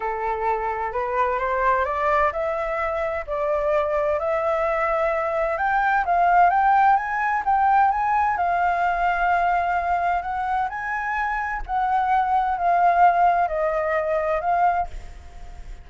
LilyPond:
\new Staff \with { instrumentName = "flute" } { \time 4/4 \tempo 4 = 129 a'2 b'4 c''4 | d''4 e''2 d''4~ | d''4 e''2. | g''4 f''4 g''4 gis''4 |
g''4 gis''4 f''2~ | f''2 fis''4 gis''4~ | gis''4 fis''2 f''4~ | f''4 dis''2 f''4 | }